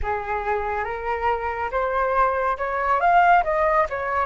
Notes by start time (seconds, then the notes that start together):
0.02 G#4
0.84 A#4
1.71 C5
2.57 C#5
3.00 F5
3.43 D#5
3.89 C#5